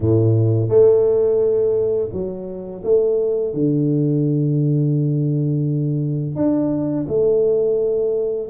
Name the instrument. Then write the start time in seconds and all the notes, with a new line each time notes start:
tuba
0.00 A2
0.68 A3
2.12 F#3
2.83 A3
3.53 D3
6.35 D4
7.08 A3